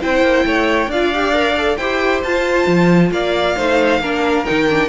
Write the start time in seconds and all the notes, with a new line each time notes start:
0.00 C4 E4 C5 G5
0.22 A#3
0.45 A3 C#5
0.87 D4 F4 D5 F5
1.13 G4
1.33 A#4
1.57 A4
1.76 E4 G4 C5 G5
2.23 F4 A5
2.66 F3
3.11 A#3 D5 F5
3.56 A3 D#4 C5
3.99 A#3 D4 A#4
4.44 D#3 D#4 G5
4.68 D4